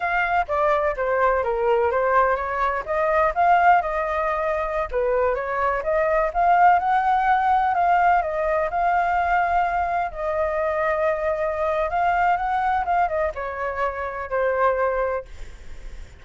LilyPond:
\new Staff \with { instrumentName = "flute" } { \time 4/4 \tempo 4 = 126 f''4 d''4 c''4 ais'4 | c''4 cis''4 dis''4 f''4 | dis''2~ dis''16 b'4 cis''8.~ | cis''16 dis''4 f''4 fis''4.~ fis''16~ |
fis''16 f''4 dis''4 f''4.~ f''16~ | f''4~ f''16 dis''2~ dis''8.~ | dis''4 f''4 fis''4 f''8 dis''8 | cis''2 c''2 | }